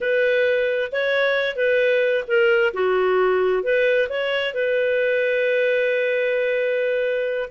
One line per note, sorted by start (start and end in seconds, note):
0.00 0.91 B4
0.92 1.56 C#5
1.56 2.24 B4
2.27 2.73 A#4
2.73 3.63 F#4
3.63 4.08 B4
4.09 4.54 C#5
4.54 7.49 B4